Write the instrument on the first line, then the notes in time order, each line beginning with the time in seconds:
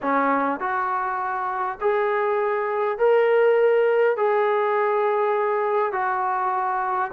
trombone
0.01 C#4
0.60 F#4
1.80 G#4
2.98 A#4
4.16 G#4
5.92 F#4